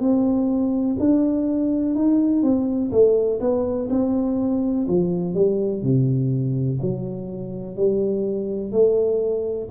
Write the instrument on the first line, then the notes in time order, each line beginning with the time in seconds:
tuba
0.00 C4
0.99 D4
1.95 D#4
2.42 C4
2.92 A3
3.40 B3
3.90 C4
4.88 F3
5.34 G3
5.83 C3
6.81 F#3
7.76 G3
8.72 A3